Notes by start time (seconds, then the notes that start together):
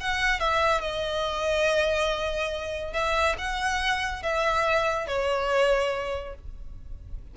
0.00 F#5
0.40 E5
0.81 D#5
2.93 E5
3.38 F#5
4.23 E5
5.07 C#5